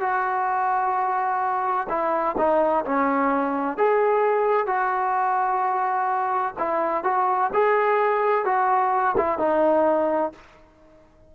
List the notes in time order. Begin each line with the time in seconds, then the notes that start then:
0.00 F#4
1.89 E4
2.38 D#4
2.85 C#4
3.77 G#4
4.67 F#4
6.58 E4
7.04 F#4
7.53 G#4
8.45 F#4
9.17 E4
9.38 D#4